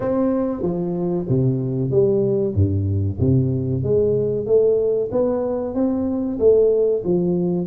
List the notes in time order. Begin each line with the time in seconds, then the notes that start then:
0.00 C4
0.62 F3
1.29 C3
1.90 G3
2.54 G2
3.19 C3
3.83 G#3
4.46 A3
5.11 B3
5.74 C4
6.39 A3
7.04 F3